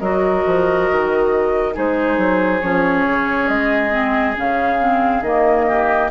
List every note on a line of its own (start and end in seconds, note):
0.00 0.44 F#3
0.00 1.73 F#4
0.00 1.74 A#4
0.00 1.74 D#5
0.46 0.89 F3
0.91 1.77 D#3
1.73 2.18 G#3
1.73 2.60 D#4
1.73 5.66 G#4
1.73 2.61 C5
2.18 2.61 F#3
2.61 3.06 F3
2.61 3.91 C#4
2.61 3.48 C#5
3.06 3.49 C#3
3.49 4.36 G#3
3.49 4.36 D#5
3.91 4.34 C4
4.35 5.22 C#3
4.35 4.79 C#4
4.35 5.23 F5
4.79 5.23 C4
5.22 6.09 D#3
5.22 6.11 A#3
5.22 6.10 D#5
5.68 6.11 G4